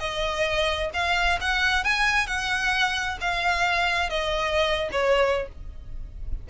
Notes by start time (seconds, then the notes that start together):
0.00 D#5
0.94 F5
1.41 F#5
1.85 G#5
2.27 F#5
3.21 F5
4.10 D#5
4.92 C#5